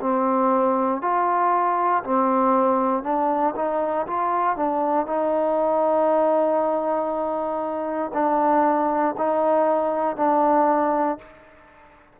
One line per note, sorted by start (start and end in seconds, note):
0.00 1.02 C4
1.02 2.03 F4
2.03 3.03 C4
3.03 3.54 D4
3.55 4.06 D#4
4.07 4.57 F4
4.57 5.07 D4
5.07 8.12 D#4
8.14 9.15 D4
9.18 10.16 D#4
10.16 11.18 D4